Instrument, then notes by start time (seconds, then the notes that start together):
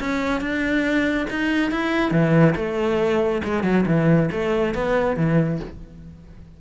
cello
0.00 C#4
0.41 D4
1.31 D#4
1.71 E4
2.12 E3
2.56 A3
3.44 G#3
3.64 F#3
3.87 E3
4.32 A3
4.75 B3
5.17 E3